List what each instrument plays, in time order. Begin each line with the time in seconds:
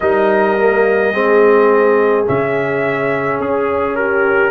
0.00 tuba G3, trombone D#4, horn A#4, trumpet D#5
0.58 trombone A#3
1.11 tuba G#3, trombone C4, horn G#4
2.26 tuba C#3, trombone C#4, trumpet E5
3.39 tuba C#4, trumpet G#4
3.95 horn G4, trumpet A#4